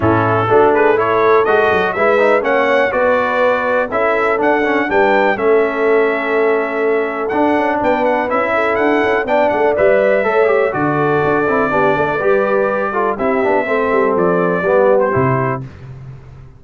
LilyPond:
<<
  \new Staff \with { instrumentName = "trumpet" } { \time 4/4 \tempo 4 = 123 a'4. b'8 cis''4 dis''4 | e''4 fis''4 d''2 | e''4 fis''4 g''4 e''4~ | e''2. fis''4 |
g''8 fis''8 e''4 fis''4 g''8 fis''8 | e''2 d''2~ | d''2. e''4~ | e''4 d''4.~ d''16 c''4~ c''16 | }
  \new Staff \with { instrumentName = "horn" } { \time 4/4 e'4 fis'8 gis'8 a'2 | b'4 cis''4 b'2 | a'2 b'4 a'4~ | a'1 |
b'4. a'4. d''4~ | d''4 cis''4 a'2 | g'8 a'8 b'4. a'8 g'4 | a'2 g'2 | }
  \new Staff \with { instrumentName = "trombone" } { \time 4/4 cis'4 d'4 e'4 fis'4 | e'8 dis'8 cis'4 fis'2 | e'4 d'8 cis'8 d'4 cis'4~ | cis'2. d'4~ |
d'4 e'2 d'4 | b'4 a'8 g'8 fis'4. e'8 | d'4 g'4. f'8 e'8 d'8 | c'2 b4 e'4 | }
  \new Staff \with { instrumentName = "tuba" } { \time 4/4 a,4 a2 gis8 fis8 | gis4 ais4 b2 | cis'4 d'4 g4 a4~ | a2. d'8 cis'8 |
b4 cis'4 d'8 cis'8 b8 a8 | g4 a4 d4 d'8 c'8 | b8 a8 g2 c'8 b8 | a8 g8 f4 g4 c4 | }
>>